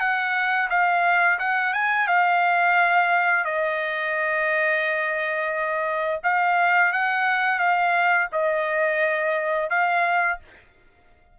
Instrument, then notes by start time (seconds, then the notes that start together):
trumpet
0.00 F#5
0.70 F5
1.39 F#5
1.74 G#5
2.08 F5
3.45 D#5
6.24 F5
6.93 F#5
7.59 F5
8.33 D#5
9.70 F5